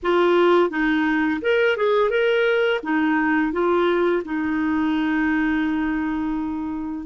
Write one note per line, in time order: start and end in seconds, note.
0.03 0.70 F4
0.70 1.40 D#4
1.41 1.76 A#4
1.76 2.10 G#4
2.10 2.80 A#4
2.83 3.52 D#4
3.52 4.23 F4
4.24 7.06 D#4